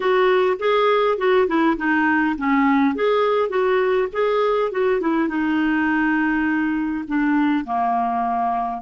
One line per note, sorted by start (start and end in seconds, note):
0.00 0.57 F#4
0.59 1.17 G#4
1.17 1.47 F#4
1.47 1.76 E4
1.77 2.36 D#4
2.37 2.95 C#4
2.95 3.49 G#4
3.49 4.07 F#4
4.13 4.71 G#4
4.71 5.00 F#4
5.00 5.28 E4
5.28 7.04 D#4
7.07 7.65 D4
7.65 8.82 A#3